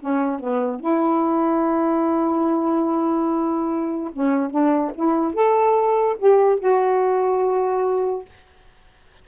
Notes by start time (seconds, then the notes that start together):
0.00 C#4
0.39 B3
0.80 E4
4.13 C#4
4.50 D4
4.95 E4
5.34 A4
6.18 G4
6.60 F#4